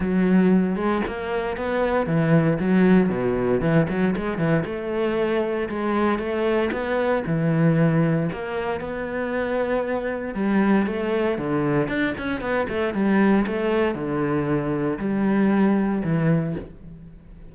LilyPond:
\new Staff \with { instrumentName = "cello" } { \time 4/4 \tempo 4 = 116 fis4. gis8 ais4 b4 | e4 fis4 b,4 e8 fis8 | gis8 e8 a2 gis4 | a4 b4 e2 |
ais4 b2. | g4 a4 d4 d'8 cis'8 | b8 a8 g4 a4 d4~ | d4 g2 e4 | }